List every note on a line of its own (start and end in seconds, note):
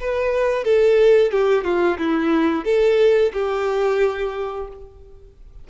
0.00 0.64 B4
0.64 1.31 A4
1.31 1.64 G4
1.64 1.98 F4
1.98 2.65 E4
2.65 3.32 A4
3.33 4.68 G4